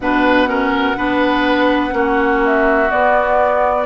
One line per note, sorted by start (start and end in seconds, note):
0.00 0.95 B2
0.00 0.46 D4
0.00 0.49 B4
0.00 2.42 F#5
0.46 0.95 C#4
0.46 0.97 A#4
0.96 1.93 B3
0.96 1.90 D4
0.96 1.94 B4
1.90 2.89 A#3
1.90 2.87 C#4
1.90 3.85 F#4
2.45 2.91 E5
2.91 3.85 B3
2.91 3.85 D5